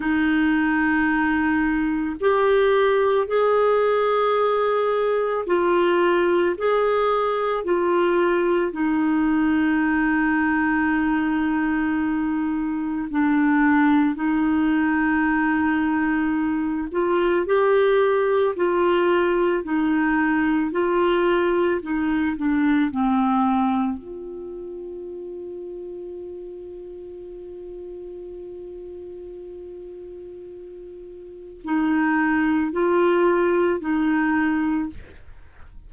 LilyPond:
\new Staff \with { instrumentName = "clarinet" } { \time 4/4 \tempo 4 = 55 dis'2 g'4 gis'4~ | gis'4 f'4 gis'4 f'4 | dis'1 | d'4 dis'2~ dis'8 f'8 |
g'4 f'4 dis'4 f'4 | dis'8 d'8 c'4 f'2~ | f'1~ | f'4 dis'4 f'4 dis'4 | }